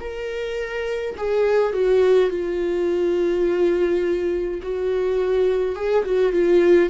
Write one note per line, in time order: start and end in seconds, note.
0.00 1.15 A#4
1.17 1.73 G#4
1.73 2.30 F#4
2.30 4.60 F4
4.63 5.76 F#4
5.76 6.05 G#4
6.05 6.33 F#4
6.33 6.90 F4